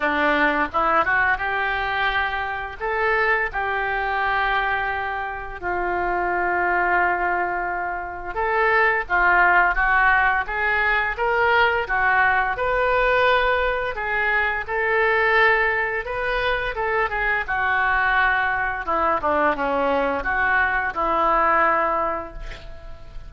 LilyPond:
\new Staff \with { instrumentName = "oboe" } { \time 4/4 \tempo 4 = 86 d'4 e'8 fis'8 g'2 | a'4 g'2. | f'1 | a'4 f'4 fis'4 gis'4 |
ais'4 fis'4 b'2 | gis'4 a'2 b'4 | a'8 gis'8 fis'2 e'8 d'8 | cis'4 fis'4 e'2 | }